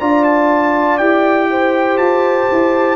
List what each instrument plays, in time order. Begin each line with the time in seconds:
0.00 tuba D4, trombone F4, horn D5, trumpet A#5
0.25 trumpet A5
0.98 tuba E4, trombone G4, trumpet G5
1.51 horn C5
1.98 tuba F4, trumpet A5
2.52 tuba E4